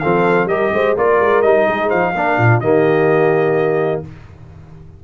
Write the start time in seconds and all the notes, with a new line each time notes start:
0.00 F3 C4 A4 F5
0.45 G3 G4 A#4 D#5
0.73 G#3 C5
0.97 A#3 F4 A#4 D5
1.20 G#3
1.42 G3 D#4 D#5
1.68 G#3 G#4
1.88 F3 C5 F5
2.15 A#3 D4 A#4
2.38 A#2 F4
2.60 D#3 A#3 G4 D#5